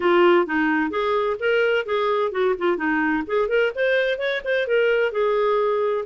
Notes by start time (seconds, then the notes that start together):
0.00 F4
0.46 D#4
0.90 G#4
1.39 A#4
1.85 G#4
2.31 F#4
2.58 F4
2.77 D#4
3.27 G#4
3.48 A#4
3.75 C5
4.18 C#5
4.44 C5
4.67 A#4
5.12 G#4